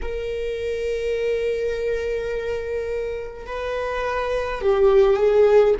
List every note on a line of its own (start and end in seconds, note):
0.02 3.46 A#4
3.46 4.61 B4
4.61 5.17 G4
5.17 5.74 G#4